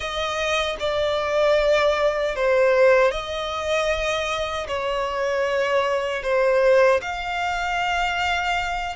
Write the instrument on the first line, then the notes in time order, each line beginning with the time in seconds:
violin
0.00 D#5
0.79 D5
2.35 C5
3.11 D#5
4.67 C#5
6.22 C5
7.01 F5